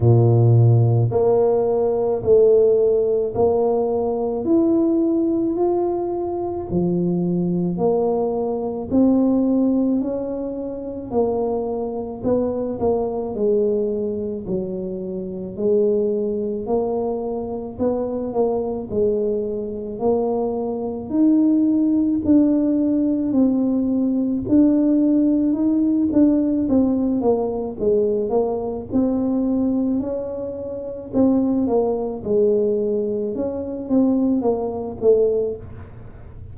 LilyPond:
\new Staff \with { instrumentName = "tuba" } { \time 4/4 \tempo 4 = 54 ais,4 ais4 a4 ais4 | e'4 f'4 f4 ais4 | c'4 cis'4 ais4 b8 ais8 | gis4 fis4 gis4 ais4 |
b8 ais8 gis4 ais4 dis'4 | d'4 c'4 d'4 dis'8 d'8 | c'8 ais8 gis8 ais8 c'4 cis'4 | c'8 ais8 gis4 cis'8 c'8 ais8 a8 | }